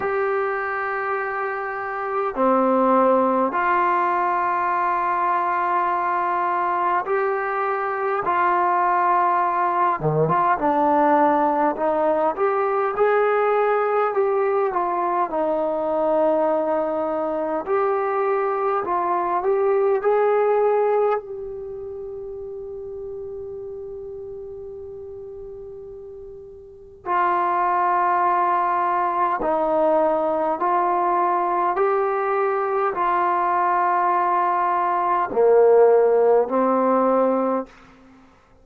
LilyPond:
\new Staff \with { instrumentName = "trombone" } { \time 4/4 \tempo 4 = 51 g'2 c'4 f'4~ | f'2 g'4 f'4~ | f'8 dis16 f'16 d'4 dis'8 g'8 gis'4 | g'8 f'8 dis'2 g'4 |
f'8 g'8 gis'4 g'2~ | g'2. f'4~ | f'4 dis'4 f'4 g'4 | f'2 ais4 c'4 | }